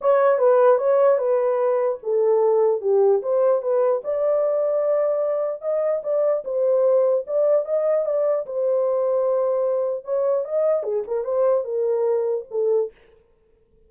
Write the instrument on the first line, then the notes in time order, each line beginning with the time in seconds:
horn
0.01 C#5
0.38 B4
0.77 C#5
1.18 B4
2.02 A4
2.81 G4
3.22 C5
3.61 B4
4.04 D5
5.61 D#5
6.03 D5
6.44 C5
7.26 D5
7.65 D#5
8.05 D5
8.46 C5
10.04 C#5
10.44 D#5
10.83 G#4
11.07 A#4
11.24 C5
11.64 A#4
12.51 A4